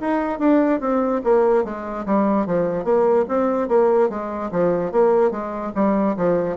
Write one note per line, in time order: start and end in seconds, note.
0.00 0.39 D#4
0.39 0.80 D4
0.80 1.21 C4
1.24 1.64 A#3
1.64 2.05 G#3
2.05 2.46 G3
2.46 2.84 F3
2.84 3.25 A#3
3.28 3.68 C4
3.68 4.09 A#3
4.09 4.50 G#3
4.51 4.91 F3
4.91 5.31 A#3
5.31 5.72 G#3
5.75 6.16 G3
6.16 6.56 F3